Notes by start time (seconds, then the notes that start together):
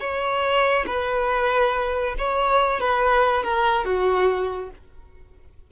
0.00 C#5
0.86 B4
2.18 C#5
2.80 B4
3.43 A#4
3.85 F#4